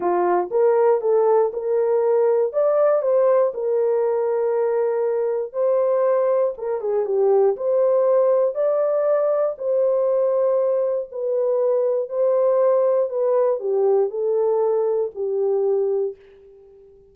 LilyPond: \new Staff \with { instrumentName = "horn" } { \time 4/4 \tempo 4 = 119 f'4 ais'4 a'4 ais'4~ | ais'4 d''4 c''4 ais'4~ | ais'2. c''4~ | c''4 ais'8 gis'8 g'4 c''4~ |
c''4 d''2 c''4~ | c''2 b'2 | c''2 b'4 g'4 | a'2 g'2 | }